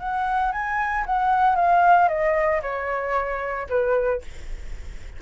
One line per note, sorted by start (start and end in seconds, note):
0.00 0.53 F#5
0.53 1.05 G#5
1.06 1.56 F#5
1.56 2.09 F5
2.09 2.61 D#5
2.62 3.67 C#5
3.70 4.22 B4